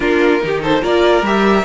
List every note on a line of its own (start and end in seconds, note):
0.00 0.41 A#3
0.00 0.40 D4
0.00 0.41 F4
0.00 0.61 A#4
0.40 0.82 D#3
0.40 0.81 D#4
0.40 0.62 G4
0.62 0.82 A4
0.62 0.84 C5
0.81 1.21 A#3
0.81 1.22 F4
0.81 1.64 A#4
0.81 1.25 D5
1.21 1.63 G3
1.21 1.64 G4
1.21 1.64 E5